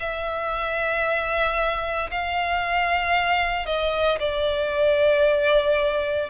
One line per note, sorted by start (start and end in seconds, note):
0.00 2.11 E5
2.11 3.66 F5
3.66 4.19 D#5
4.20 6.30 D5